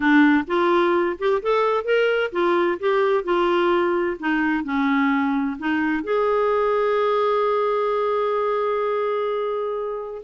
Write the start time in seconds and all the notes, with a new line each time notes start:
0.00 D4
0.47 F4
1.18 G4
1.42 A4
1.84 A#4
2.32 F4
2.79 G4
3.24 F4
4.19 D#4
4.64 C#4
5.58 D#4
6.03 G#4